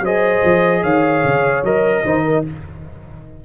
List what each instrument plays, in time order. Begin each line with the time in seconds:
0.00 tuba F#3, trombone G#4, horn C5, trumpet D#5
0.44 tuba F3
0.82 tuba D#3, horn C#5, trumpet F5
1.24 tuba C#3
1.63 tuba F#3, trombone A#4, trumpet D#5
2.04 tuba D#3, trombone D#4, horn C5
2.25 horn A#4